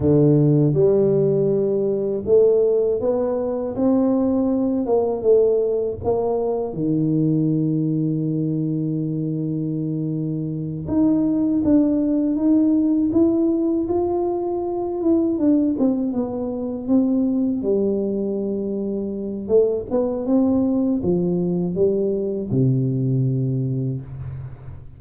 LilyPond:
\new Staff \with { instrumentName = "tuba" } { \time 4/4 \tempo 4 = 80 d4 g2 a4 | b4 c'4. ais8 a4 | ais4 dis2.~ | dis2~ dis8 dis'4 d'8~ |
d'8 dis'4 e'4 f'4. | e'8 d'8 c'8 b4 c'4 g8~ | g2 a8 b8 c'4 | f4 g4 c2 | }